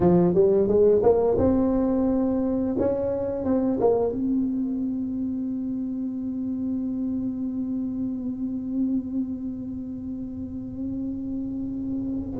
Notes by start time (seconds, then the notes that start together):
0.00 F3
0.34 G3
0.67 G#3
1.03 A#3
1.38 C4
2.78 C#4
3.44 C4
3.80 A#3
4.12 C4